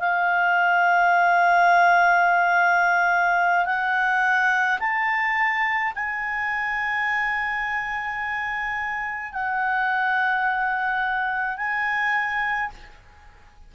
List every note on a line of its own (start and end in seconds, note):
0.00 3.66 F5
3.66 4.79 F#5
4.80 5.93 A5
5.96 9.33 G#5
9.33 11.58 F#5
11.58 12.71 G#5